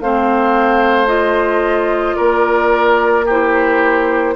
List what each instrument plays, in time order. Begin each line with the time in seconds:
0.00 bassoon A3, clarinet C4, oboe C5, flute F5
1.07 clarinet F4, flute D#5
2.16 bassoon A#3, oboe A#4, flute D5
3.25 clarinet E4, oboe G4, flute C5